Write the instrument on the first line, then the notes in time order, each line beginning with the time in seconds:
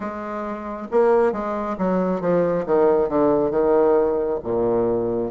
bassoon
0.00 G#3
0.91 A#3
1.32 G#3
1.78 F#3
2.20 F3
2.66 D#3
3.08 D3
3.51 D#3
4.43 A#2